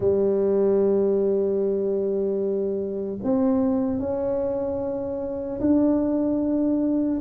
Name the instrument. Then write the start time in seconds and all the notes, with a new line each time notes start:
tuba
0.00 G3
3.23 C4
3.99 C#4
5.60 D4